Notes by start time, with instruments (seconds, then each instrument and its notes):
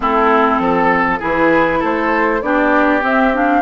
0.00 bassoon A3, clarinet C4, oboe E4, flute A4
0.59 bassoon F3, oboe A4
1.19 bassoon E3, clarinet E4, oboe G#4, flute B4
1.79 bassoon A3, oboe A4, flute C5
2.41 bassoon B3, clarinet D4, oboe G4, flute D5
3.01 clarinet C4, bassoon C4, flute E5
3.33 clarinet D4, flute F5